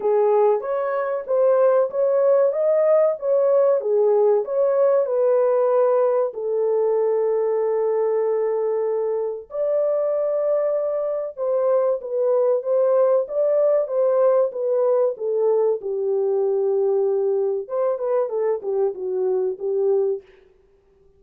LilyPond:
\new Staff \with { instrumentName = "horn" } { \time 4/4 \tempo 4 = 95 gis'4 cis''4 c''4 cis''4 | dis''4 cis''4 gis'4 cis''4 | b'2 a'2~ | a'2. d''4~ |
d''2 c''4 b'4 | c''4 d''4 c''4 b'4 | a'4 g'2. | c''8 b'8 a'8 g'8 fis'4 g'4 | }